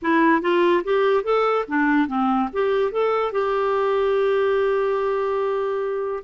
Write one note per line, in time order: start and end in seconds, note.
0.02 0.41 E4
0.41 0.83 F4
0.83 1.23 G4
1.23 1.65 A4
1.68 2.07 D4
2.07 2.49 C4
2.52 2.91 G4
2.91 3.31 A4
3.31 6.23 G4